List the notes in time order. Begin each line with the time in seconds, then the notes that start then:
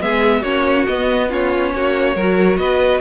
0.00 G#3 B3 G#4 E5
0.41 A#3 C#4 F#4 C#5
0.87 B3 D#5
1.30 C#4 F4 C#5
1.75 A#3 F#4
2.16 F#3 F#4 A#4
2.58 B3 B4 D#5